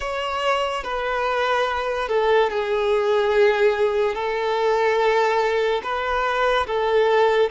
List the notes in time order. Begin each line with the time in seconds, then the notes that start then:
0.00 C#5
0.83 B4
2.08 A4
2.50 G#4
4.14 A4
5.83 B4
6.66 A4